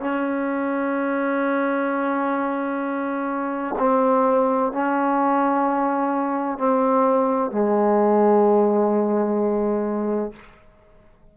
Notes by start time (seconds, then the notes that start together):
0.00 C#4
3.79 C4
4.73 C#4
6.58 C4
7.51 G#3